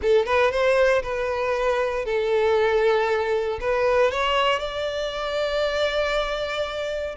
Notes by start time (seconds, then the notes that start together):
0.02 A4
0.26 B4
0.51 C5
1.03 B4
2.05 A4
3.60 B4
4.11 C#5
4.59 D5